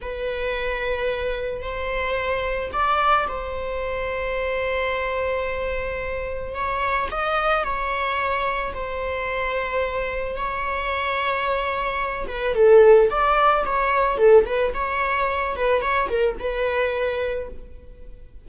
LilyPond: \new Staff \with { instrumentName = "viola" } { \time 4/4 \tempo 4 = 110 b'2. c''4~ | c''4 d''4 c''2~ | c''1 | cis''4 dis''4 cis''2 |
c''2. cis''4~ | cis''2~ cis''8 b'8 a'4 | d''4 cis''4 a'8 b'8 cis''4~ | cis''8 b'8 cis''8 ais'8 b'2 | }